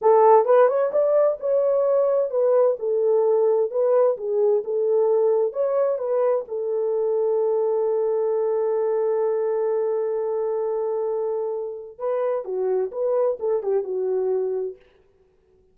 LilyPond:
\new Staff \with { instrumentName = "horn" } { \time 4/4 \tempo 4 = 130 a'4 b'8 cis''8 d''4 cis''4~ | cis''4 b'4 a'2 | b'4 gis'4 a'2 | cis''4 b'4 a'2~ |
a'1~ | a'1~ | a'2 b'4 fis'4 | b'4 a'8 g'8 fis'2 | }